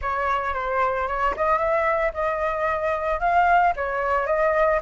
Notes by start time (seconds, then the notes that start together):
0.01 C#5
0.54 C5
1.07 C#5
1.36 D#5
1.58 E5
2.13 D#5
3.20 F5
3.76 C#5
4.26 D#5